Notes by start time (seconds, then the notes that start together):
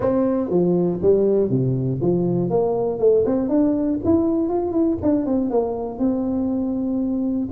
0.00 C4
0.50 F3
1.02 G3
1.50 C3
2.01 F3
2.50 A#3
2.99 A3
3.25 C4
3.48 D4
4.04 E4
4.49 F4
4.72 E4
5.02 D4
5.25 C4
5.50 A#3
5.98 C4